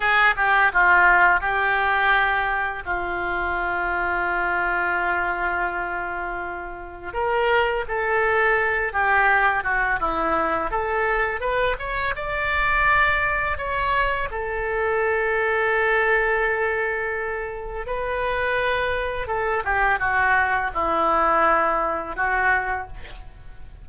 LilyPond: \new Staff \with { instrumentName = "oboe" } { \time 4/4 \tempo 4 = 84 gis'8 g'8 f'4 g'2 | f'1~ | f'2 ais'4 a'4~ | a'8 g'4 fis'8 e'4 a'4 |
b'8 cis''8 d''2 cis''4 | a'1~ | a'4 b'2 a'8 g'8 | fis'4 e'2 fis'4 | }